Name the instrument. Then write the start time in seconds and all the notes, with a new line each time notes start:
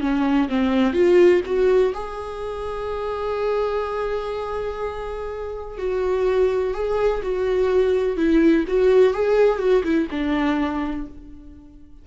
viola
0.00 C#4
0.48 C4
0.93 F4
1.45 F#4
1.94 G#4
5.78 F#4
6.74 G#4
7.22 F#4
8.16 E4
8.67 F#4
9.13 G#4
9.58 F#4
9.83 E4
10.10 D4